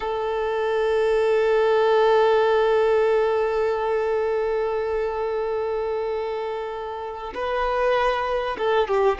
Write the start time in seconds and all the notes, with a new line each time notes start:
0.00 A4
7.34 B4
8.58 A4
8.87 G4